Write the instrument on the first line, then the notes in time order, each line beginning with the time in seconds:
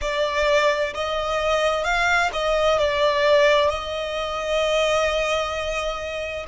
violin
0.01 D5
0.94 D#5
1.83 F5
2.32 D#5
2.78 D5
3.69 D#5